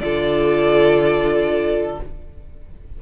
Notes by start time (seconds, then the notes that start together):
0.00 D3 F4 A4 D5